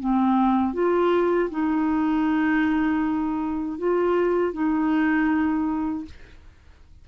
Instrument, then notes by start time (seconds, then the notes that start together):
clarinet
0.00 C4
0.74 F4
1.51 D#4
3.78 F4
4.53 D#4